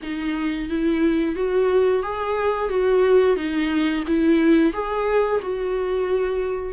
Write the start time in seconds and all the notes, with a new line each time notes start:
0.02 D#4
0.69 E4
1.35 F#4
2.02 G#4
2.69 F#4
3.36 D#4
4.07 E4
4.73 G#4
5.41 F#4